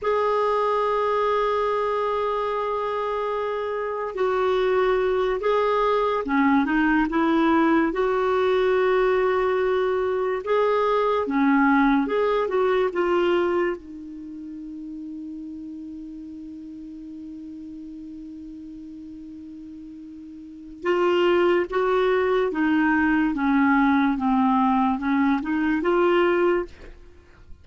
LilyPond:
\new Staff \with { instrumentName = "clarinet" } { \time 4/4 \tempo 4 = 72 gis'1~ | gis'4 fis'4. gis'4 cis'8 | dis'8 e'4 fis'2~ fis'8~ | fis'8 gis'4 cis'4 gis'8 fis'8 f'8~ |
f'8 dis'2.~ dis'8~ | dis'1~ | dis'4 f'4 fis'4 dis'4 | cis'4 c'4 cis'8 dis'8 f'4 | }